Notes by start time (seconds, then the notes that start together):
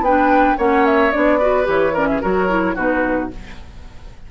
0.00 B3 D4 B4 G5
0.57 A#3 C#4 C#5 F#5
0.86 E5
1.11 B3 D4 D5
1.39 F#4 B4
1.64 E3 G4 C#5
1.93 C#4 A#4 D5
2.07 G#4 E5
2.21 F#3 F#4 A#4 C#5
2.49 E4
2.75 B2 D#4 F#4 B4